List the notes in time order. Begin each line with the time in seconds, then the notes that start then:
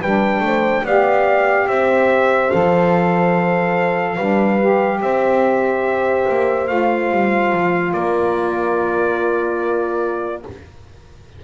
0.00 G3 D4 B4 G5
0.40 A3 C5
0.83 B3 G4 D5 F5
1.68 C4 C5 E5
2.50 F3 A4 F5
4.15 G3 D4 B4
4.60 G4
5.01 C4 C5 E5
6.29 A#3
6.67 A3 F4 F5
7.11 G3
7.53 F3
7.93 A#3 A#4 D5